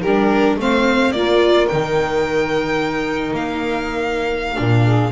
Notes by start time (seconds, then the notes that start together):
0.00 G3 G4 A#4
0.07 D4
0.57 A3 C4 C5 F5
1.12 A#3 F4 A#4 D5
1.68 D#3 D#4 G5
3.33 A#3 F5
4.56 A#2 D4
4.85 G#4